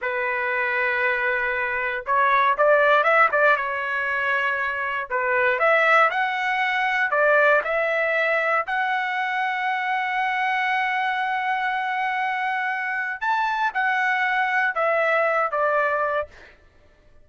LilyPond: \new Staff \with { instrumentName = "trumpet" } { \time 4/4 \tempo 4 = 118 b'1 | cis''4 d''4 e''8 d''8 cis''4~ | cis''2 b'4 e''4 | fis''2 d''4 e''4~ |
e''4 fis''2.~ | fis''1~ | fis''2 a''4 fis''4~ | fis''4 e''4. d''4. | }